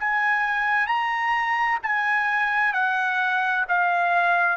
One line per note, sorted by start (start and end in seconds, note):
0.00 0.87 G#5
0.87 1.79 A#5
1.83 2.73 G#5
2.73 3.65 F#5
3.68 4.57 F5